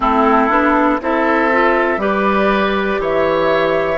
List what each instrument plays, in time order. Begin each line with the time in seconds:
0.00 bassoon A3, clarinet C4, oboe E4, flute A4
0.49 bassoon B3, clarinet D4
1.01 bassoon C4, clarinet E4, oboe A4, flute E5
1.51 clarinet F4
1.97 bassoon G3, clarinet G4, oboe B4, flute D5
2.99 bassoon E3, oboe C#5, flute E5